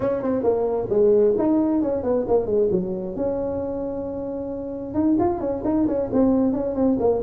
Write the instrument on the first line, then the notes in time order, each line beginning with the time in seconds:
tuba
0.00 C#4
0.22 C4
0.43 A#3
0.89 G#3
1.38 D#4
1.82 C#4
2.03 B3
2.27 A#3
2.46 G#3
2.71 F#3
3.16 C#4
4.94 D#4
5.19 F4
5.40 C#4
5.64 D#4
5.87 C#4
6.13 C4
6.52 C#4
6.75 C4
6.99 A#3